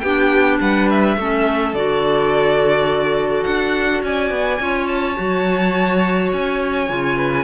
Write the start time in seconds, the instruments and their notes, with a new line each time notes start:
0.00 cello B3, clarinet D4, violin G4 G5
0.61 cello G3, violin B4 F#5
0.90 violin E5
1.17 cello A3, clarinet C#4, violin A4
1.73 cello D3, clarinet F#4, violin D5
3.44 cello D4, violin F#5
4.03 cello C#4, violin D5 G#5
4.31 cello B3
4.60 cello C#4, clarinet F4, violin C#5
4.87 violin A5
5.16 cello F#3, clarinet F#4
6.33 cello C#4, violin G#5
6.88 cello C#3, clarinet F4
7.17 violin B4